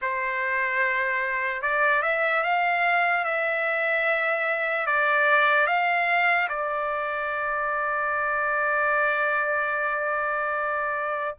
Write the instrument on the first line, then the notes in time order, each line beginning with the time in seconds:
trumpet
0.01 C5
1.61 D5
2.02 E5
2.43 F5
3.24 E5
4.86 D5
5.66 F5
6.49 D5